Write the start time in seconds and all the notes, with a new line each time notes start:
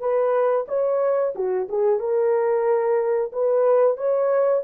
0.00 B4
0.68 C#5
1.35 F#4
1.68 G#4
1.99 A#4
3.32 B4
3.97 C#5